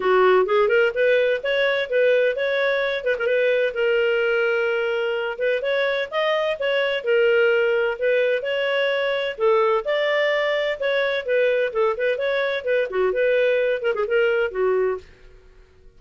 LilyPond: \new Staff \with { instrumentName = "clarinet" } { \time 4/4 \tempo 4 = 128 fis'4 gis'8 ais'8 b'4 cis''4 | b'4 cis''4. b'16 ais'16 b'4 | ais'2.~ ais'8 b'8 | cis''4 dis''4 cis''4 ais'4~ |
ais'4 b'4 cis''2 | a'4 d''2 cis''4 | b'4 a'8 b'8 cis''4 b'8 fis'8 | b'4. ais'16 gis'16 ais'4 fis'4 | }